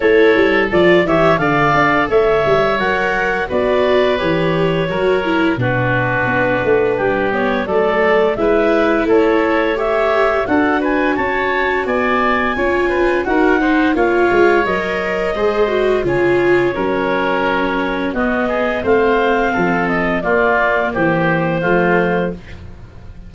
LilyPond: <<
  \new Staff \with { instrumentName = "clarinet" } { \time 4/4 \tempo 4 = 86 cis''4 d''8 e''8 f''4 e''4 | fis''4 d''4 cis''2 | b'2~ b'8 cis''8 d''4 | e''4 cis''4 e''4 fis''8 gis''8 |
a''4 gis''2 fis''4 | f''4 dis''2 cis''4~ | cis''2 dis''4 f''4~ | f''8 dis''8 d''4 c''2 | }
  \new Staff \with { instrumentName = "oboe" } { \time 4/4 a'4. cis''8 d''4 cis''4~ | cis''4 b'2 ais'4 | fis'2 g'4 a'4 | b'4 a'4 cis''4 a'8 b'8 |
cis''4 d''4 cis''8 b'8 ais'8 c''8 | cis''2 c''4 gis'4 | ais'2 fis'8 gis'8 c''4 | a'4 f'4 g'4 f'4 | }
  \new Staff \with { instrumentName = "viola" } { \time 4/4 e'4 f'8 g'8 a'2 | ais'4 fis'4 g'4 fis'8 e'8 | d'2~ d'8 b8 a4 | e'2 g'4 fis'4~ |
fis'2 f'4 fis'8 dis'8 | f'4 ais'4 gis'8 fis'8 f'4 | cis'2 b4 c'4~ | c'4 ais2 a4 | }
  \new Staff \with { instrumentName = "tuba" } { \time 4/4 a8 g8 f8 e8 d8 d'8 a8 g8 | fis4 b4 e4 fis4 | b,4 b8 a8 g4 fis4 | gis4 a2 d'4 |
cis'4 b4 cis'4 dis'4 | ais8 gis8 fis4 gis4 cis4 | fis2 b4 a4 | f4 ais4 e4 f4 | }
>>